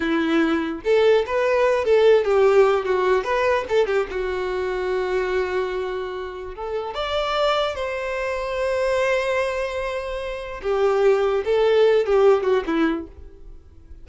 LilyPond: \new Staff \with { instrumentName = "violin" } { \time 4/4 \tempo 4 = 147 e'2 a'4 b'4~ | b'8 a'4 g'4. fis'4 | b'4 a'8 g'8 fis'2~ | fis'1 |
a'4 d''2 c''4~ | c''1~ | c''2 g'2 | a'4. g'4 fis'8 e'4 | }